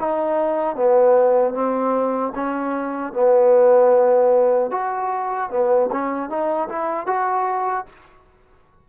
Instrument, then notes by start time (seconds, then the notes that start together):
trombone
0.00 D#4
0.76 B3
1.54 C4
2.35 C#4
3.13 B3
4.72 F#4
5.50 B3
5.92 C#4
6.30 D#4
6.70 E4
7.07 F#4